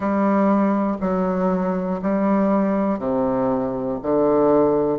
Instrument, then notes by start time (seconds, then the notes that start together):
bassoon
0.00 G3
1.00 F#3
2.02 G3
2.99 C3
4.02 D3